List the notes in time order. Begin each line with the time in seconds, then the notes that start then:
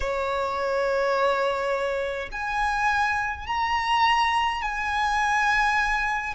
0.00 C#5
2.31 G#5
3.46 A#5
4.62 G#5